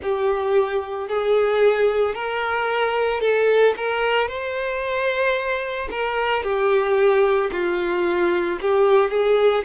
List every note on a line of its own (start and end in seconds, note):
0.02 1.08 G4
1.08 2.14 G#4
2.14 3.20 A#4
3.20 3.74 A4
3.76 4.28 A#4
4.28 5.88 C5
5.90 6.43 A#4
6.43 7.50 G4
7.51 8.58 F4
8.61 9.10 G4
9.10 9.64 G#4